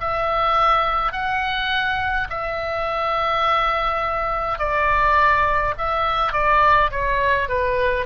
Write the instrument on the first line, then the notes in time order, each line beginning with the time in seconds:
oboe
0.00 E5
1.12 F#5
2.29 E5
4.58 D5
5.77 E5
6.33 D5
6.91 C#5
7.48 B4